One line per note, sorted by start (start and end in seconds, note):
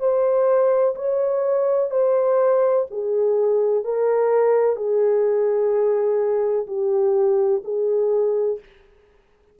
0.00 0.95 C5
0.96 1.91 C#5
1.91 2.86 C5
2.91 3.84 G#4
3.84 4.77 A#4
4.77 6.67 G#4
6.68 7.63 G4
7.65 8.60 G#4